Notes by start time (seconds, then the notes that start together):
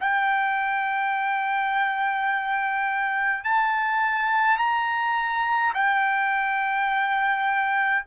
0.00 G5
3.45 A5
4.58 A#5
5.74 G5